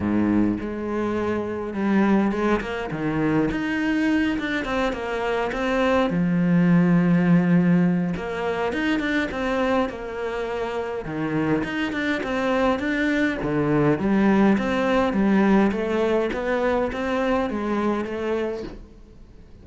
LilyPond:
\new Staff \with { instrumentName = "cello" } { \time 4/4 \tempo 4 = 103 gis,4 gis2 g4 | gis8 ais8 dis4 dis'4. d'8 | c'8 ais4 c'4 f4.~ | f2 ais4 dis'8 d'8 |
c'4 ais2 dis4 | dis'8 d'8 c'4 d'4 d4 | g4 c'4 g4 a4 | b4 c'4 gis4 a4 | }